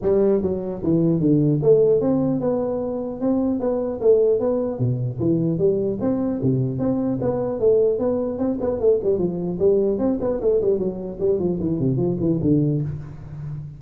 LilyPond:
\new Staff \with { instrumentName = "tuba" } { \time 4/4 \tempo 4 = 150 g4 fis4 e4 d4 | a4 c'4 b2 | c'4 b4 a4 b4 | b,4 e4 g4 c'4 |
c4 c'4 b4 a4 | b4 c'8 b8 a8 g8 f4 | g4 c'8 b8 a8 g8 fis4 | g8 f8 e8 c8 f8 e8 d4 | }